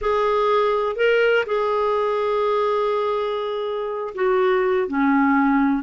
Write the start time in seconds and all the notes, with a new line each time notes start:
0.01 G#4
0.96 A#4
1.45 G#4
4.14 F#4
4.87 C#4